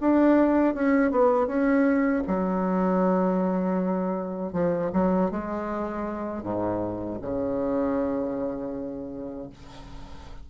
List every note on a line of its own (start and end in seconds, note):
0.00 0.74 D4
0.74 1.11 C#4
1.11 1.46 B3
1.46 2.22 C#4
2.27 4.53 F#3
4.53 4.91 F3
4.93 5.31 F#3
5.31 6.42 G#3
6.42 7.18 G#2
7.21 9.49 C#3